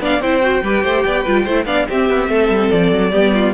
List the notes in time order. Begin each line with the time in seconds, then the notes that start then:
0.00 B3 D4 D5 F5
0.20 C4 E4 C5 G5
0.42 F#4
0.63 G3 G4 B4
0.84 A3 C5
1.05 B3 D5
1.22 G3 F4 B4
1.45 A3 E4 C5
1.66 B3 D4 D5 F5
1.89 C4 G4 E5
2.10 B3
2.29 A3 A4
2.49 G3
2.72 F3 D5
2.92 F#3
3.12 G3 B3 G4
3.34 F4